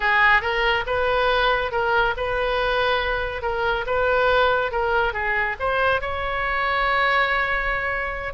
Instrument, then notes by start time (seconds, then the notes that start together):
oboe
0.00 G#4
0.41 A#4
0.86 B4
1.71 A#4
2.16 B4
3.42 A#4
3.86 B4
4.71 A#4
5.13 G#4
5.59 C5
6.01 C#5